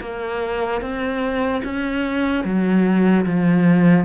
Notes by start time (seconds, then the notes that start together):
0.00 A#3
0.81 C4
1.64 C#4
2.44 F#3
3.25 F3